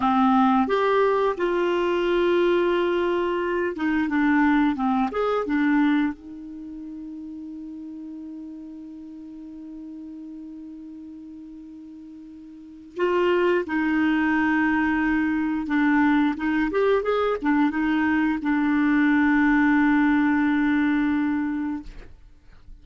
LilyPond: \new Staff \with { instrumentName = "clarinet" } { \time 4/4 \tempo 4 = 88 c'4 g'4 f'2~ | f'4. dis'8 d'4 c'8 gis'8 | d'4 dis'2.~ | dis'1~ |
dis'2. f'4 | dis'2. d'4 | dis'8 g'8 gis'8 d'8 dis'4 d'4~ | d'1 | }